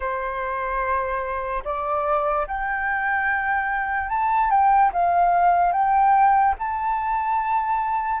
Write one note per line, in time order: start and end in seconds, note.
0.00 1.63 C5
1.64 2.46 D5
2.47 4.09 G5
4.09 4.50 A5
4.50 4.91 G5
4.92 5.72 F5
5.72 6.54 G5
6.59 8.20 A5